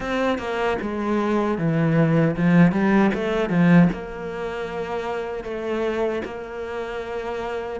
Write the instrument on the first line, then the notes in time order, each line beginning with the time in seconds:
cello
0.00 C4
0.38 A#3
0.81 G#3
1.58 E3
2.36 F3
2.71 G3
3.14 A3
3.49 F3
3.92 A#3
5.44 A3
6.24 A#3